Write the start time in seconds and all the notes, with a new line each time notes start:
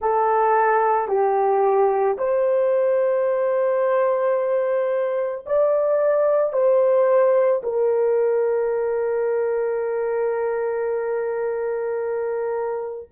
0.00 A4
1.08 G4
2.18 C5
5.45 D5
6.52 C5
7.63 A#4